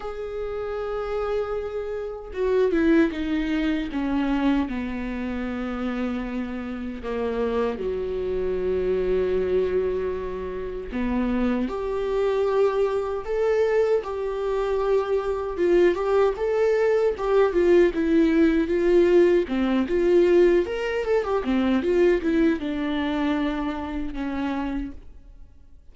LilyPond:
\new Staff \with { instrumentName = "viola" } { \time 4/4 \tempo 4 = 77 gis'2. fis'8 e'8 | dis'4 cis'4 b2~ | b4 ais4 fis2~ | fis2 b4 g'4~ |
g'4 a'4 g'2 | f'8 g'8 a'4 g'8 f'8 e'4 | f'4 c'8 f'4 ais'8 a'16 g'16 c'8 | f'8 e'8 d'2 cis'4 | }